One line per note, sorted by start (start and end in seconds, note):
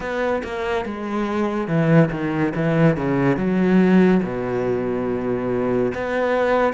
0.00 0.42 B3
0.43 0.85 A#3
0.85 1.67 G#3
1.67 2.09 E3
2.11 2.53 D#3
2.55 2.97 E3
2.97 3.36 C#3
3.36 4.21 F#3
4.23 5.92 B2
5.94 6.73 B3